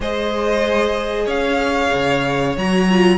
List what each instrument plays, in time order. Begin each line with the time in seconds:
0.00 cello G#3, viola G#4, violin C5 D#5
1.25 cello C#4, violin C#5 F5
1.93 cello C#3
2.56 cello F#3, viola F#4, violin A#5
2.90 viola F4